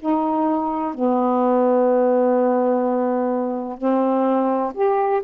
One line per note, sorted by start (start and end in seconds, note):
0.00 0.94 D#4
0.94 3.78 B3
3.78 4.73 C4
4.74 5.22 G4